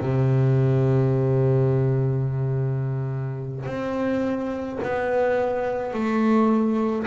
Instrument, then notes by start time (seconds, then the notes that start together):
double bass
0.00 C3
3.66 C4
4.83 B3
5.93 A3